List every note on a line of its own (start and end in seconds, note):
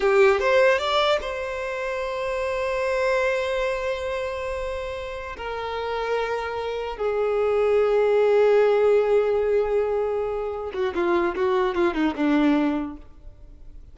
0.00 0.40 G4
0.40 0.78 C5
0.78 1.18 D5
1.21 5.36 C5
5.37 6.97 A#4
6.97 10.72 G#4
10.73 10.94 F#4
10.94 11.35 F4
11.35 11.74 F#4
11.74 11.94 F4
11.94 12.14 D#4
12.15 12.96 D4